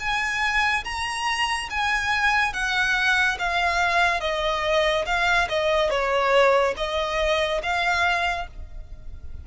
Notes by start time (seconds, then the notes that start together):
0.00 G#5
0.85 A#5
1.71 G#5
2.54 F#5
3.40 F5
4.21 D#5
5.06 F5
5.49 D#5
5.90 C#5
6.77 D#5
7.63 F5